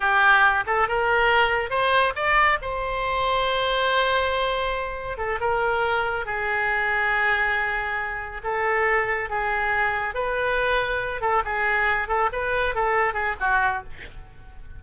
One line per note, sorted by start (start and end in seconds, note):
0.00 0.64 G4
0.66 0.88 A4
0.88 1.70 A#4
1.70 2.13 C5
2.15 2.58 D5
2.61 5.17 C5
5.17 5.39 A4
5.40 6.25 A#4
6.25 8.41 G#4
8.43 9.29 A4
9.29 10.14 G#4
10.14 11.21 B4
11.21 11.42 A4
11.45 12.07 G#4
12.07 12.29 A4
12.32 12.75 B4
12.75 13.13 A4
13.13 13.35 G#4
13.40 13.83 F#4